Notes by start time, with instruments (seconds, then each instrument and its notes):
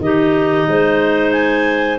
0.00 tuba D#3, clarinet D#4 G4 D#5
0.67 tuba G#3, clarinet C5
1.31 clarinet G#5